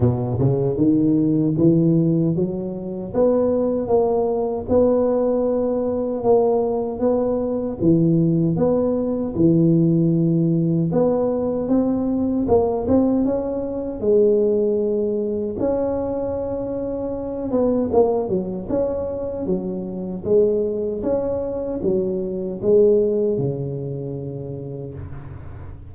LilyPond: \new Staff \with { instrumentName = "tuba" } { \time 4/4 \tempo 4 = 77 b,8 cis8 dis4 e4 fis4 | b4 ais4 b2 | ais4 b4 e4 b4 | e2 b4 c'4 |
ais8 c'8 cis'4 gis2 | cis'2~ cis'8 b8 ais8 fis8 | cis'4 fis4 gis4 cis'4 | fis4 gis4 cis2 | }